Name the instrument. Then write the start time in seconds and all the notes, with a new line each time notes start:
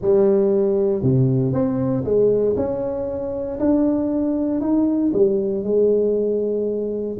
tuba
0.01 G3
1.02 C3
1.52 C4
2.04 G#3
2.56 C#4
3.59 D4
4.60 D#4
5.13 G3
5.63 G#3